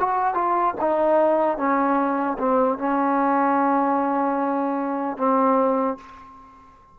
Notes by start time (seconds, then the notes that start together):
0.00 F#4
0.35 F4
0.81 D#4
1.58 C#4
2.39 C4
2.79 C#4
5.18 C4